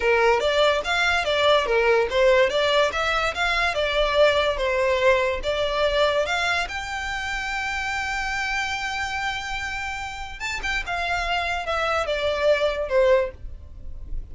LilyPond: \new Staff \with { instrumentName = "violin" } { \time 4/4 \tempo 4 = 144 ais'4 d''4 f''4 d''4 | ais'4 c''4 d''4 e''4 | f''4 d''2 c''4~ | c''4 d''2 f''4 |
g''1~ | g''1~ | g''4 a''8 g''8 f''2 | e''4 d''2 c''4 | }